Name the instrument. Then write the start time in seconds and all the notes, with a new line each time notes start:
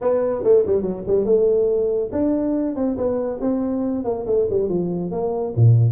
tuba
0.01 B3
0.43 A3
0.66 G3
0.82 F#3
1.07 G3
1.25 A3
2.12 D4
2.75 C4
2.97 B3
3.40 C4
4.04 A#3
4.26 A3
4.50 G3
4.68 F3
5.11 A#3
5.56 A#2